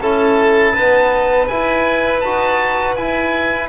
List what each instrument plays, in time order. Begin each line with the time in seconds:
0.00 double bass C#4, trombone E4, violin A4, oboe A5
0.73 trombone B3, double bass D#4, violin B4
1.47 trombone E4, double bass E4, oboe G#5
2.20 double bass D#4, trombone F#4, oboe A5
2.95 double bass E4, trombone E4, oboe G#5